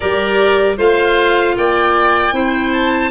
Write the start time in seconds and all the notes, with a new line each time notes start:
0.00 G3 G4 A#4 D5
0.77 A3 F4 C5 F5
1.56 A#3 D5 G5
2.32 C4 E4 C5
2.73 A5